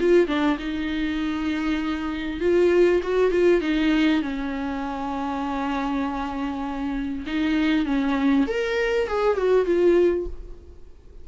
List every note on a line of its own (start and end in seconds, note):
0.00 0.27 F4
0.27 0.58 D4
0.59 2.40 D#4
2.40 3.01 F4
3.03 3.31 F#4
3.31 3.61 F4
3.61 4.22 D#4
4.22 7.25 C#4
7.26 7.86 D#4
7.86 8.46 C#4
8.47 9.08 A#4
9.08 9.37 G#4
9.37 9.66 F#4
9.66 10.26 F4